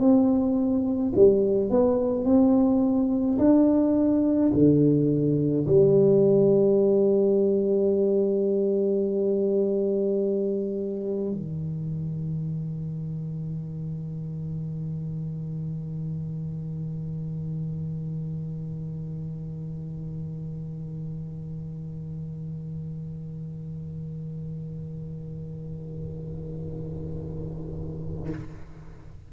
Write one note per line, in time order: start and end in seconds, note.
0.00 1.13 C4
1.16 1.70 G3
1.70 2.25 B3
2.25 3.38 C4
3.39 4.52 D4
4.53 5.67 D3
5.67 11.32 G3
11.32 28.30 D#3